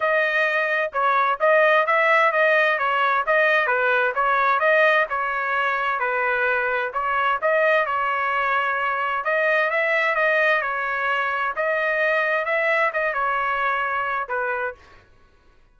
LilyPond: \new Staff \with { instrumentName = "trumpet" } { \time 4/4 \tempo 4 = 130 dis''2 cis''4 dis''4 | e''4 dis''4 cis''4 dis''4 | b'4 cis''4 dis''4 cis''4~ | cis''4 b'2 cis''4 |
dis''4 cis''2. | dis''4 e''4 dis''4 cis''4~ | cis''4 dis''2 e''4 | dis''8 cis''2~ cis''8 b'4 | }